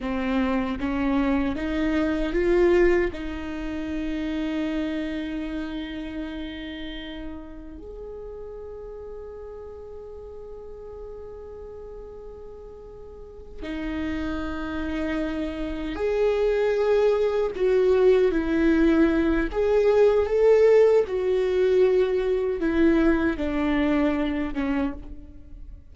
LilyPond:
\new Staff \with { instrumentName = "viola" } { \time 4/4 \tempo 4 = 77 c'4 cis'4 dis'4 f'4 | dis'1~ | dis'2 gis'2~ | gis'1~ |
gis'4. dis'2~ dis'8~ | dis'8 gis'2 fis'4 e'8~ | e'4 gis'4 a'4 fis'4~ | fis'4 e'4 d'4. cis'8 | }